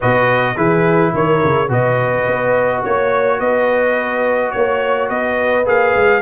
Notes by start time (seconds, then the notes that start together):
0.00 B2 F#4 B4 D#5
0.55 E3 E4 G#4 B4
1.14 D#3 A#4 C#5
1.43 C#3
1.68 B2 F#4 B4 D#5
2.26 B3
2.81 A#3 C#5
3.39 B3 B4 D#5
4.51 A#3 C#5
5.09 B3 B4 D#5
5.65 A#3 G#4 F5
5.95 G#3